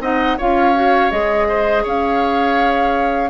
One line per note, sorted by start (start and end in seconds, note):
0.00 0.37 C4
0.00 0.38 D#4
0.00 0.38 D#5
0.00 0.38 F#5
0.38 1.11 C#4
0.38 0.75 F4
0.38 1.47 C#5
0.38 1.11 F5
0.75 1.10 F#4
1.10 1.84 G#3
1.10 3.30 G#4
1.10 1.84 D#5
1.48 1.83 C5
1.83 3.30 C#4
1.83 3.30 C#5
1.83 3.30 F5